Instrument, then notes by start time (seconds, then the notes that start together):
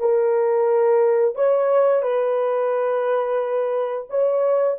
horn
0.00 A#4
1.35 C#5
2.03 B4
4.10 C#5